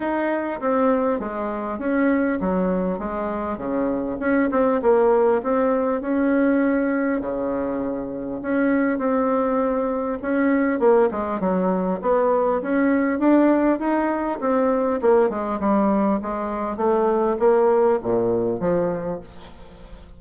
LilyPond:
\new Staff \with { instrumentName = "bassoon" } { \time 4/4 \tempo 4 = 100 dis'4 c'4 gis4 cis'4 | fis4 gis4 cis4 cis'8 c'8 | ais4 c'4 cis'2 | cis2 cis'4 c'4~ |
c'4 cis'4 ais8 gis8 fis4 | b4 cis'4 d'4 dis'4 | c'4 ais8 gis8 g4 gis4 | a4 ais4 ais,4 f4 | }